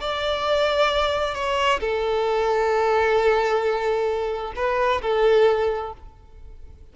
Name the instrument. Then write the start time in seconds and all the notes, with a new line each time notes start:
violin
0.00 D5
1.35 C#5
1.80 A4
4.56 B4
5.02 A4